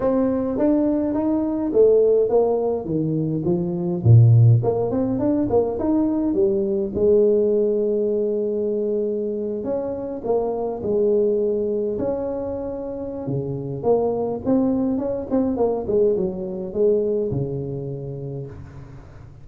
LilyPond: \new Staff \with { instrumentName = "tuba" } { \time 4/4 \tempo 4 = 104 c'4 d'4 dis'4 a4 | ais4 dis4 f4 ais,4 | ais8 c'8 d'8 ais8 dis'4 g4 | gis1~ |
gis8. cis'4 ais4 gis4~ gis16~ | gis8. cis'2~ cis'16 cis4 | ais4 c'4 cis'8 c'8 ais8 gis8 | fis4 gis4 cis2 | }